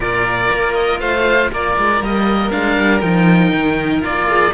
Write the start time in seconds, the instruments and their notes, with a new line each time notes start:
0.00 cello A#2 F4, violin A#4, oboe D5
0.51 cello A#3
0.74 oboe D#5
1.00 cello A3, violin C5, oboe F5
1.51 cello A#3, violin A#4, oboe D5
1.77 cello G#3
2.00 cello G3 A#3, oboe D#5
2.50 cello G#3 D4, oboe F5
2.77 cello G3
3.00 cello F3 D#4, oboe G5
3.53 cello D#3
4.01 cello A#3 F4, oboe D5
4.28 violin G#4